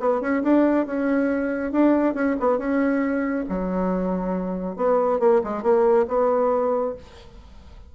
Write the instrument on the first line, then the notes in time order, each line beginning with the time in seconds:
bassoon
0.00 B3
0.21 C#4
0.43 D4
0.87 C#4
1.72 D4
2.14 C#4
2.40 B3
2.58 C#4
3.49 F#3
4.76 B3
5.20 A#3
5.44 G#3
5.63 A#3
6.08 B3